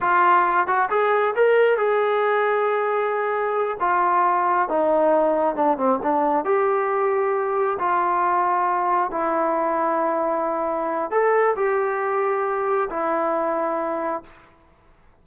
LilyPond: \new Staff \with { instrumentName = "trombone" } { \time 4/4 \tempo 4 = 135 f'4. fis'8 gis'4 ais'4 | gis'1~ | gis'8 f'2 dis'4.~ | dis'8 d'8 c'8 d'4 g'4.~ |
g'4. f'2~ f'8~ | f'8 e'2.~ e'8~ | e'4 a'4 g'2~ | g'4 e'2. | }